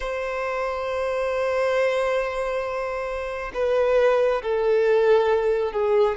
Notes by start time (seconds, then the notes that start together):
0.00 C5
3.53 B4
4.42 A4
5.72 G#4